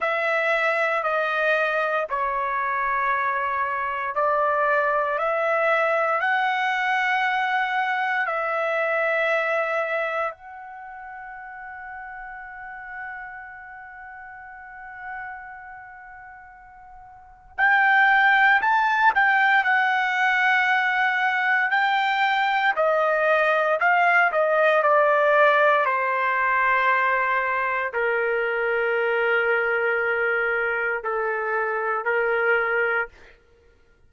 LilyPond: \new Staff \with { instrumentName = "trumpet" } { \time 4/4 \tempo 4 = 58 e''4 dis''4 cis''2 | d''4 e''4 fis''2 | e''2 fis''2~ | fis''1~ |
fis''4 g''4 a''8 g''8 fis''4~ | fis''4 g''4 dis''4 f''8 dis''8 | d''4 c''2 ais'4~ | ais'2 a'4 ais'4 | }